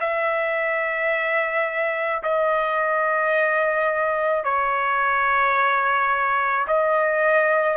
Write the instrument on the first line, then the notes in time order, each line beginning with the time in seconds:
trumpet
0.00 E5
2.23 D#5
4.44 C#5
6.67 D#5